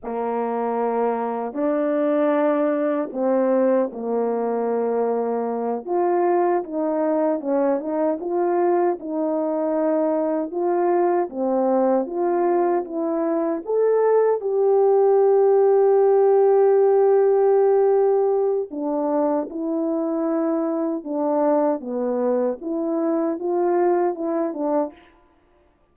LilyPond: \new Staff \with { instrumentName = "horn" } { \time 4/4 \tempo 4 = 77 ais2 d'2 | c'4 ais2~ ais8 f'8~ | f'8 dis'4 cis'8 dis'8 f'4 dis'8~ | dis'4. f'4 c'4 f'8~ |
f'8 e'4 a'4 g'4.~ | g'1 | d'4 e'2 d'4 | b4 e'4 f'4 e'8 d'8 | }